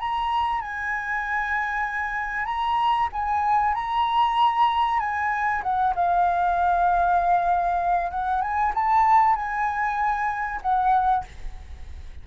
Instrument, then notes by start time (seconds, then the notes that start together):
flute
0.00 A#5
0.61 G#5
2.46 A#5
3.13 G#5
3.75 A#5
5.00 G#5
5.63 F#5
5.96 F5
8.11 F#5
8.42 G#5
8.75 A5
9.36 G#5
10.62 F#5